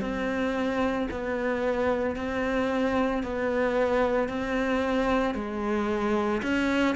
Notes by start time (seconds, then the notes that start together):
0.00 C4
1.11 B3
2.16 C4
3.22 B3
4.28 C4
5.34 G#3
6.42 C#4